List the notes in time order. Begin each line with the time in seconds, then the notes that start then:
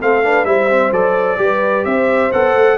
0.00 A3 C4 A4 F5
0.23 D4 B4
0.44 G3 E4 C5 E5
0.69 C4
0.91 F#3 A4 D5
1.37 G3 G4 B4
1.85 C4 C5 E5
2.32 B3 A4 F#5
2.55 A3